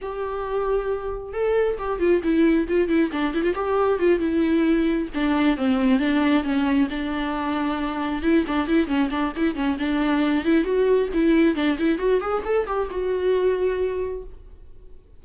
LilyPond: \new Staff \with { instrumentName = "viola" } { \time 4/4 \tempo 4 = 135 g'2. a'4 | g'8 f'8 e'4 f'8 e'8 d'8 e'16 f'16 | g'4 f'8 e'2 d'8~ | d'8 c'4 d'4 cis'4 d'8~ |
d'2~ d'8 e'8 d'8 e'8 | cis'8 d'8 e'8 cis'8 d'4. e'8 | fis'4 e'4 d'8 e'8 fis'8 gis'8 | a'8 g'8 fis'2. | }